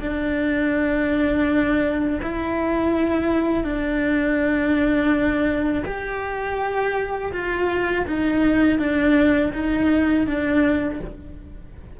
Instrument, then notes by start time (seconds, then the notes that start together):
cello
0.00 D4
2.23 E4
3.64 D4
5.85 G4
7.32 F4
8.07 D#4
8.78 D4
9.53 D#4
10.26 D4